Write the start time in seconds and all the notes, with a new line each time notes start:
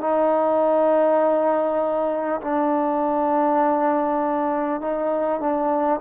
0.00 D#4
2.41 D4
4.81 D#4
5.40 D4